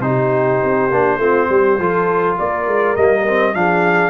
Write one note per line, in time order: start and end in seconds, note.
0.00 0.59 C3
0.00 0.91 D#4
0.00 2.37 C5
0.07 1.20 G4
0.64 0.91 C4
0.91 1.18 A#3
0.91 1.21 D4
1.18 1.47 A3
1.18 1.79 C4
1.18 1.49 F4
1.50 1.79 G3
1.50 1.80 G4
1.79 2.38 F3
1.79 2.98 F4
1.79 2.38 A4
2.38 2.67 A#3
2.38 3.55 A#4
2.38 2.96 D5
2.67 2.97 G#3
2.96 3.55 G3
2.96 3.27 A#3
2.96 3.55 D#5
3.27 3.55 C4
3.55 4.10 F3
3.55 4.10 D4
3.55 4.10 G#4
3.55 4.10 F5